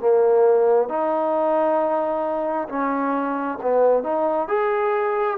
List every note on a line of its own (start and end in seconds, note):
0.00 0.89 A#3
0.89 2.68 D#4
2.69 3.59 C#4
3.62 4.04 B3
4.04 4.49 D#4
4.49 5.38 G#4